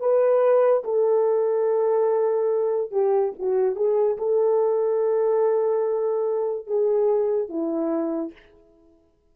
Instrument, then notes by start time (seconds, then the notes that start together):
horn
0.00 B4
0.84 A4
2.91 G4
3.39 F#4
3.76 G#4
4.18 A4
6.67 G#4
7.49 E4